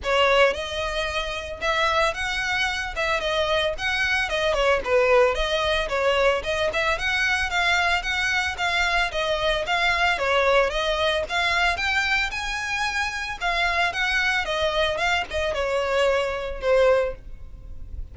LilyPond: \new Staff \with { instrumentName = "violin" } { \time 4/4 \tempo 4 = 112 cis''4 dis''2 e''4 | fis''4. e''8 dis''4 fis''4 | dis''8 cis''8 b'4 dis''4 cis''4 | dis''8 e''8 fis''4 f''4 fis''4 |
f''4 dis''4 f''4 cis''4 | dis''4 f''4 g''4 gis''4~ | gis''4 f''4 fis''4 dis''4 | f''8 dis''8 cis''2 c''4 | }